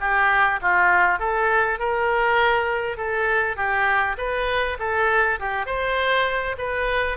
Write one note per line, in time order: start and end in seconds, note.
0.00 0.60 G4
0.62 1.19 F4
1.19 1.79 A4
1.79 2.97 A#4
2.97 3.56 A4
3.56 4.16 G4
4.18 4.78 B4
4.79 5.39 A4
5.40 5.66 G4
5.66 6.56 C5
6.58 7.17 B4